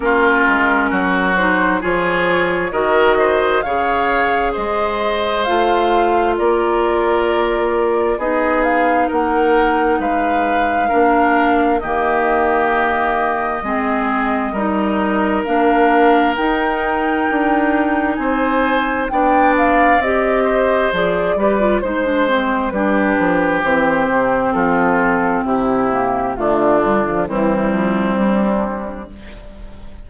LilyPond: <<
  \new Staff \with { instrumentName = "flute" } { \time 4/4 \tempo 4 = 66 ais'4. c''8 cis''4 dis''4 | f''4 dis''4 f''4 d''4~ | d''4 dis''8 f''8 fis''4 f''4~ | f''4 dis''2.~ |
dis''4 f''4 g''2 | gis''4 g''8 f''8 dis''4 d''4 | c''4 b'4 c''4 a'4 | g'4 f'4 e'4 d'4 | }
  \new Staff \with { instrumentName = "oboe" } { \time 4/4 f'4 fis'4 gis'4 ais'8 c''8 | cis''4 c''2 ais'4~ | ais'4 gis'4 ais'4 b'4 | ais'4 g'2 gis'4 |
ais'1 | c''4 d''4. c''4 b'8 | c''4 g'2 f'4 | e'4 d'4 c'2 | }
  \new Staff \with { instrumentName = "clarinet" } { \time 4/4 cis'4. dis'8 f'4 fis'4 | gis'2 f'2~ | f'4 dis'2. | d'4 ais2 c'4 |
dis'4 d'4 dis'2~ | dis'4 d'4 g'4 gis'8 g'16 f'16 | dis'16 d'16 c'8 d'4 c'2~ | c'8 ais8 a8 g16 f16 g2 | }
  \new Staff \with { instrumentName = "bassoon" } { \time 4/4 ais8 gis8 fis4 f4 dis4 | cis4 gis4 a4 ais4~ | ais4 b4 ais4 gis4 | ais4 dis2 gis4 |
g4 ais4 dis'4 d'4 | c'4 b4 c'4 f8 g8 | gis4 g8 f8 e8 c8 f4 | c4 d4 e8 f8 g4 | }
>>